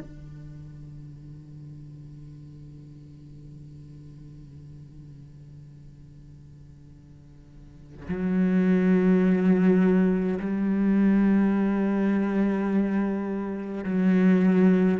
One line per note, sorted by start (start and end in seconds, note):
0.00 8.08 D3
8.09 10.40 F#3
10.40 13.85 G3
13.85 15.00 F#3